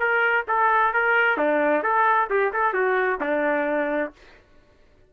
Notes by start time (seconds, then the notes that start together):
0.00 A#4
0.48 A4
0.94 A#4
1.38 D4
1.83 A4
2.30 G4
2.53 A4
2.74 F#4
3.21 D4